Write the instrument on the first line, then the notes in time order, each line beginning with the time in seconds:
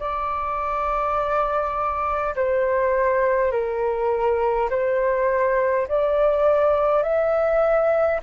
flute
0.00 D5
2.36 C5
3.52 A#4
4.70 C5
5.88 D5
7.03 E5